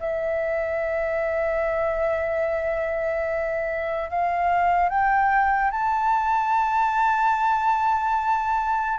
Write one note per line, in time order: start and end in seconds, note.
0.00 4.10 E5
4.10 4.89 F5
4.89 5.72 G5
5.72 8.99 A5